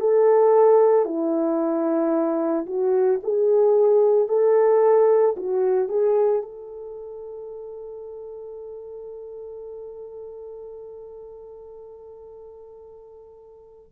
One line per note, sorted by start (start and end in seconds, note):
0.00 1.05 A4
1.05 2.66 E4
2.66 3.20 F#4
3.23 4.28 G#4
4.28 5.35 A4
5.37 5.89 F#4
5.89 6.42 G#4
6.42 13.92 A4